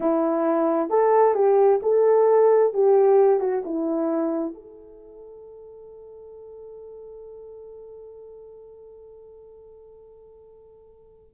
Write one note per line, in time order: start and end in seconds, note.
0.00 0.89 E4
0.89 1.34 A4
1.34 1.79 G4
1.82 2.73 A4
2.73 3.40 G4
3.40 3.62 F#4
3.64 4.53 E4
4.53 11.34 A4